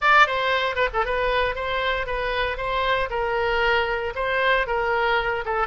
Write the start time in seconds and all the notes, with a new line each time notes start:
0.01 D5
0.26 C5
0.75 B4
0.93 A4
1.05 B4
1.55 C5
2.06 B4
2.57 C5
3.10 A#4
4.15 C5
4.66 A#4
5.45 A4